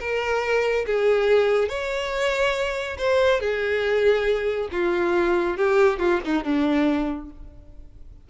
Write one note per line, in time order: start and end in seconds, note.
0.00 0.86 A#4
0.86 1.69 G#4
1.69 2.97 C#5
2.98 3.40 C5
3.40 4.69 G#4
4.71 5.57 F4
5.57 5.99 G4
5.99 6.21 F4
6.25 6.44 D#4
6.44 7.30 D4